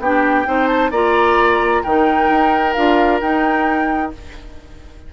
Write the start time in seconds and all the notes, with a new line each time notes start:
0.00 B3 D4 G4 G5
0.46 C4 D#4 C5
0.67 A5
0.91 A#3 F4 D5 A#5
1.83 D#3 D#4 A#4 G5
2.30 D#4
2.74 D4 F4 F5
3.21 D#4 G5